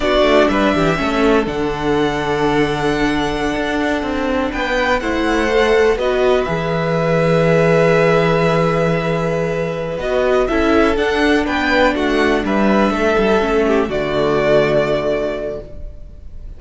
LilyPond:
<<
  \new Staff \with { instrumentName = "violin" } { \time 4/4 \tempo 4 = 123 d''4 e''2 fis''4~ | fis''1~ | fis''4~ fis''16 g''4 fis''4.~ fis''16~ | fis''16 dis''4 e''2~ e''8.~ |
e''1~ | e''8 dis''4 e''4 fis''4 g''8~ | g''8 fis''4 e''2~ e''8~ | e''8 d''2.~ d''8 | }
  \new Staff \with { instrumentName = "violin" } { \time 4/4 fis'4 b'8 g'8 a'2~ | a'1~ | a'4~ a'16 b'4 c''4.~ c''16~ | c''16 b'2.~ b'8.~ |
b'1~ | b'4. a'2 b'8~ | b'8 fis'4 b'4 a'4. | g'8 fis'2.~ fis'8 | }
  \new Staff \with { instrumentName = "viola" } { \time 4/4 d'2 cis'4 d'4~ | d'1~ | d'2~ d'16 e'4 a'8.~ | a'16 fis'4 gis'2~ gis'8.~ |
gis'1~ | gis'8 fis'4 e'4 d'4.~ | d'2.~ d'8 cis'8~ | cis'8 a2.~ a8 | }
  \new Staff \with { instrumentName = "cello" } { \time 4/4 b8 a8 g8 e8 a4 d4~ | d2.~ d16 d'8.~ | d'16 c'4 b4 a4.~ a16~ | a16 b4 e2~ e8.~ |
e1~ | e8 b4 cis'4 d'4 b8~ | b8 a4 g4 a8 g8 a8~ | a8 d2.~ d8 | }
>>